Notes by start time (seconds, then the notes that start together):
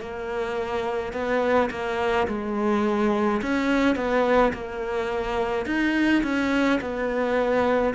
0.00 A#3
1.13 B3
1.70 A#3
2.27 G#3
3.42 C#4
3.95 B3
4.53 A#3
5.66 D#4
6.23 C#4
6.80 B3